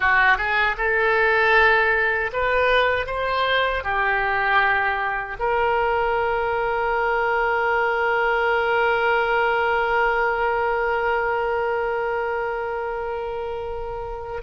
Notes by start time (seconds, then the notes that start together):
0.00 F#4
0.37 G#4
0.77 A4
2.33 B4
3.06 C5
3.83 G4
5.38 A#4